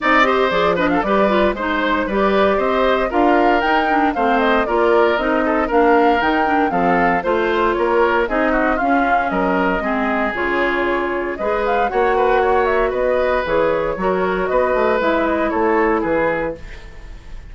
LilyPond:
<<
  \new Staff \with { instrumentName = "flute" } { \time 4/4 \tempo 4 = 116 dis''4 d''8 dis''16 f''16 d''4 c''4 | d''4 dis''4 f''4 g''4 | f''8 dis''8 d''4 dis''4 f''4 | g''4 f''4 c''4 cis''4 |
dis''4 f''4 dis''2 | cis''2 dis''8 f''8 fis''4~ | fis''8 e''8 dis''4 cis''2 | dis''4 e''8 dis''8 cis''4 b'4 | }
  \new Staff \with { instrumentName = "oboe" } { \time 4/4 d''8 c''4 b'16 a'16 b'4 c''4 | b'4 c''4 ais'2 | c''4 ais'4. a'8 ais'4~ | ais'4 a'4 c''4 ais'4 |
gis'8 fis'8 f'4 ais'4 gis'4~ | gis'2 b'4 cis''8 b'8 | cis''4 b'2 ais'4 | b'2 a'4 gis'4 | }
  \new Staff \with { instrumentName = "clarinet" } { \time 4/4 dis'8 g'8 gis'8 d'8 g'8 f'8 dis'4 | g'2 f'4 dis'8 d'8 | c'4 f'4 dis'4 d'4 | dis'8 d'8 c'4 f'2 |
dis'4 cis'2 c'4 | f'2 gis'4 fis'4~ | fis'2 gis'4 fis'4~ | fis'4 e'2. | }
  \new Staff \with { instrumentName = "bassoon" } { \time 4/4 c'4 f4 g4 gis4 | g4 c'4 d'4 dis'4 | a4 ais4 c'4 ais4 | dis4 f4 a4 ais4 |
c'4 cis'4 fis4 gis4 | cis2 gis4 ais4~ | ais4 b4 e4 fis4 | b8 a8 gis4 a4 e4 | }
>>